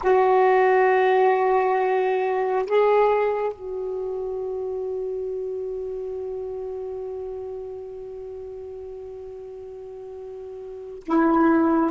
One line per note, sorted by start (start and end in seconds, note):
0.02 2.66 F#4
2.66 3.52 G#4
3.52 11.02 F#4
11.06 11.90 E4